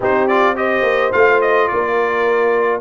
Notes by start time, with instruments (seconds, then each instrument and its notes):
0.00 tuba C4, trombone D#4, horn G4, trumpet C5
0.27 trombone F4, trumpet D5
0.55 trombone G4, horn C5, trumpet D#5
0.82 tuba A#3
1.12 tuba A3, trombone F4, trumpet F5
1.41 trumpet D#5
1.68 tuba A#3, horn A#4, trumpet D5